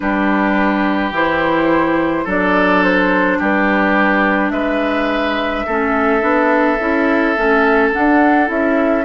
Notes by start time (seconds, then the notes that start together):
0.00 G3 D4 G4 B4
1.11 E3 E4 C5
2.24 F#3 D4 A4 D5
2.83 C5
3.38 G3 G4 B4
4.50 G#3 B4 E5
5.66 A3 C#4 A4
6.20 B3 D4
6.79 C#4 E4
7.36 A3 C#4
7.92 D4 F#5
8.46 C#4 E4 E5